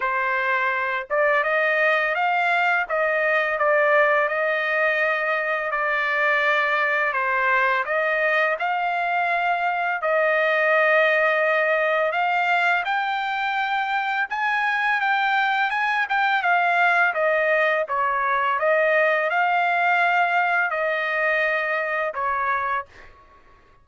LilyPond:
\new Staff \with { instrumentName = "trumpet" } { \time 4/4 \tempo 4 = 84 c''4. d''8 dis''4 f''4 | dis''4 d''4 dis''2 | d''2 c''4 dis''4 | f''2 dis''2~ |
dis''4 f''4 g''2 | gis''4 g''4 gis''8 g''8 f''4 | dis''4 cis''4 dis''4 f''4~ | f''4 dis''2 cis''4 | }